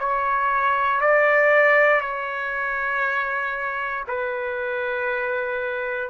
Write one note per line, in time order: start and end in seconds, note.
0.00 1.01 C#5
1.01 2.02 D5
2.02 4.05 C#5
4.08 6.10 B4